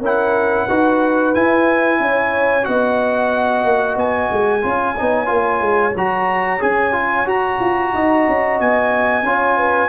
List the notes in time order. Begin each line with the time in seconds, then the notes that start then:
0.00 C#4 E4 A#4 F#5
0.66 D#4 F#4 B4
1.34 E4 G#5
2.00 C#4 C#5
2.63 B3 F#4 D#5 F#5
3.64 A#3
3.96 B3 G#5
4.31 G#3
4.62 C#4 F4 C#5
4.97 B3 D#4
5.25 A#3 F4
5.61 G#3
5.95 F#3 F#4 A#5
6.59 C#4 G#4 G#5
6.92 F4
7.26 F#4 A#5
7.60 F4
7.93 D#4 D#5
8.28 C#4
8.60 B3 G#5
9.23 C#4 F4 C#5
9.57 B4